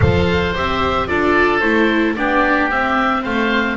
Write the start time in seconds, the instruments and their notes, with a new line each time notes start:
0.00 double bass F3, viola A4, oboe C5 F5
0.53 double bass C4, viola G4, oboe E5
1.07 double bass D4, viola F4, oboe A4 D5
1.60 double bass A3, viola E4, oboe C5
2.15 double bass B3, viola D4, oboe G4 D5
2.70 viola C4, double bass C4, oboe E5
3.22 double bass A3, oboe C5 F5